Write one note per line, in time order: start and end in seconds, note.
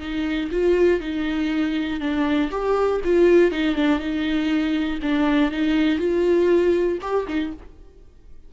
0.00 0.50 D#4
0.51 1.00 F4
1.00 2.00 D#4
2.00 2.50 D4
2.51 3.01 G4
3.04 3.51 F4
3.51 3.75 D#4
3.75 3.99 D4
3.99 4.99 D#4
5.02 5.51 D4
5.51 5.99 D#4
5.99 6.99 F4
7.01 7.26 G4
7.28 7.53 D#4